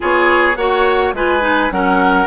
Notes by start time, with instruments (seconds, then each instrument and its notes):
0.00 bassoon B3, clarinet F4, oboe G#4, flute C#5
0.56 bassoon A#3, clarinet F#4, oboe C#5, flute F#5
1.12 bassoon G#3, clarinet F4, oboe B4, flute G#5
1.40 clarinet D#4
1.71 bassoon F#3, clarinet C#4, oboe A#4, flute F#5